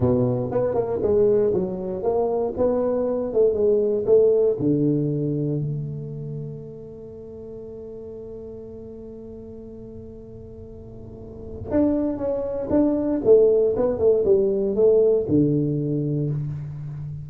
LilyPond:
\new Staff \with { instrumentName = "tuba" } { \time 4/4 \tempo 4 = 118 b,4 b8 ais8 gis4 fis4 | ais4 b4. a8 gis4 | a4 d2 a4~ | a1~ |
a1~ | a2. d'4 | cis'4 d'4 a4 b8 a8 | g4 a4 d2 | }